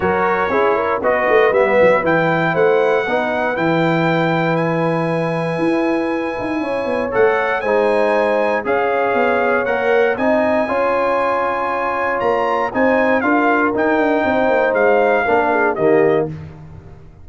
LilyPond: <<
  \new Staff \with { instrumentName = "trumpet" } { \time 4/4 \tempo 4 = 118 cis''2 dis''4 e''4 | g''4 fis''2 g''4~ | g''4 gis''2.~ | gis''2 fis''4 gis''4~ |
gis''4 f''2 fis''4 | gis''1 | ais''4 gis''4 f''4 g''4~ | g''4 f''2 dis''4 | }
  \new Staff \with { instrumentName = "horn" } { \time 4/4 ais'4 gis'8 ais'8 b'2~ | b'4 c''4 b'2~ | b'1~ | b'4 cis''2 c''4~ |
c''4 cis''2. | dis''4 cis''2.~ | cis''4 c''4 ais'2 | c''2 ais'8 gis'8 g'4 | }
  \new Staff \with { instrumentName = "trombone" } { \time 4/4 fis'4 e'4 fis'4 b4 | e'2 dis'4 e'4~ | e'1~ | e'2 a'4 dis'4~ |
dis'4 gis'2 ais'4 | dis'4 f'2.~ | f'4 dis'4 f'4 dis'4~ | dis'2 d'4 ais4 | }
  \new Staff \with { instrumentName = "tuba" } { \time 4/4 fis4 cis'4 b8 a8 g8 fis8 | e4 a4 b4 e4~ | e2. e'4~ | e'8 dis'8 cis'8 b8 a4 gis4~ |
gis4 cis'4 b4 ais4 | c'4 cis'2. | ais4 c'4 d'4 dis'8 d'8 | c'8 ais8 gis4 ais4 dis4 | }
>>